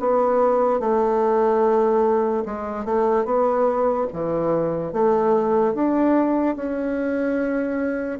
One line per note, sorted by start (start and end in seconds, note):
0.00 0.80 B3
0.80 2.44 A3
2.45 2.85 G#3
2.85 3.25 A3
3.25 4.07 B3
4.13 4.93 E3
4.93 5.74 A3
5.74 6.56 D4
6.56 8.20 C#4